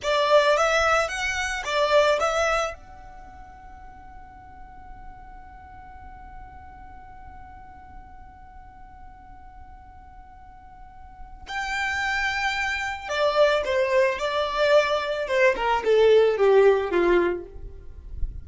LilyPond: \new Staff \with { instrumentName = "violin" } { \time 4/4 \tempo 4 = 110 d''4 e''4 fis''4 d''4 | e''4 fis''2.~ | fis''1~ | fis''1~ |
fis''1~ | fis''4 g''2. | d''4 c''4 d''2 | c''8 ais'8 a'4 g'4 f'4 | }